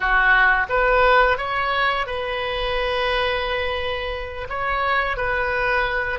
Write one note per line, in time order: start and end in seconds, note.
0.00 0.66 F#4
0.69 1.37 B4
1.37 2.06 C#5
2.06 4.48 B4
4.49 5.16 C#5
5.16 6.19 B4